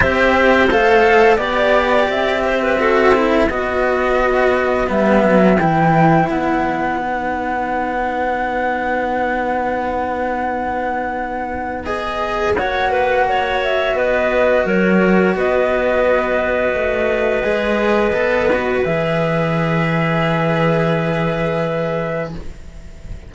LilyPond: <<
  \new Staff \with { instrumentName = "flute" } { \time 4/4 \tempo 4 = 86 e''4 f''4 d''4 e''4~ | e''4 dis''2 e''4 | g''4 fis''2.~ | fis''1~ |
fis''4 dis''4 fis''4. e''8 | dis''4 cis''4 dis''2~ | dis''2. e''4~ | e''1 | }
  \new Staff \with { instrumentName = "clarinet" } { \time 4/4 c''2 d''4. c''16 b'16 | a'4 b'2.~ | b'1~ | b'1~ |
b'2 cis''8 b'8 cis''4 | b'4 ais'4 b'2~ | b'1~ | b'1 | }
  \new Staff \with { instrumentName = "cello" } { \time 4/4 g'4 a'4 g'2 | fis'8 e'8 fis'2 b4 | e'2 dis'2~ | dis'1~ |
dis'4 gis'4 fis'2~ | fis'1~ | fis'4 gis'4 a'8 fis'8 gis'4~ | gis'1 | }
  \new Staff \with { instrumentName = "cello" } { \time 4/4 c'4 a4 b4 c'4~ | c'4 b2 g8 fis8 | e4 b2.~ | b1~ |
b2 ais2 | b4 fis4 b2 | a4 gis4 b4 e4~ | e1 | }
>>